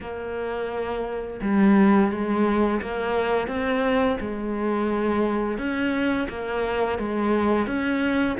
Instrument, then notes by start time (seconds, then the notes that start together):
cello
0.01 A#3
1.41 G3
2.11 G#3
2.81 A#3
3.47 C4
4.20 G#3
5.58 C#4
6.29 A#3
6.98 G#3
7.66 C#4